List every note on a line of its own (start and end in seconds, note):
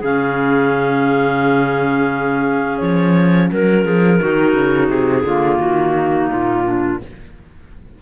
0.00 2.82 C#3
0.00 4.21 C#4
0.00 3.49 G#4
0.00 2.79 F5
2.79 3.51 F3
2.79 3.48 C#5
3.51 3.85 F#3
3.51 3.85 A#4
3.51 4.89 A#4
3.85 4.20 F3
3.85 4.20 G#4
4.20 4.55 D#3
4.20 5.26 D#4
4.20 5.25 F#4
4.55 4.89 C#3
4.89 5.24 C3
4.89 5.59 G#4
5.24 5.59 D3
5.24 7.00 A#3
5.24 5.94 F4
5.59 6.30 D#3
5.59 6.29 F#4
5.94 6.64 D#4
6.31 7.02 A#2
6.31 7.01 F4
6.64 6.99 D4